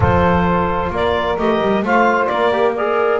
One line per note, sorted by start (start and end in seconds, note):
0.00 0.90 F3
0.00 1.37 F4
0.00 0.91 A4
0.00 0.93 C5
0.90 1.35 A#3
0.90 1.84 A#4
0.90 1.38 D5
1.38 1.60 A3
1.38 1.84 G4
1.38 1.84 D#5
1.61 1.82 G3
1.82 2.28 A3
1.82 2.51 F4
1.82 2.30 C5
1.82 2.26 F5
2.26 3.20 A#3
2.26 2.74 A#4
2.26 2.72 D5
2.51 2.74 G4
2.74 3.20 G#4
2.74 3.20 A#4
2.74 3.20 D5